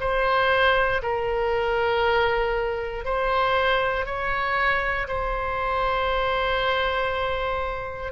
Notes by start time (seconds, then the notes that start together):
0.00 C5
1.02 A#4
3.05 C5
4.05 C#5
5.08 C5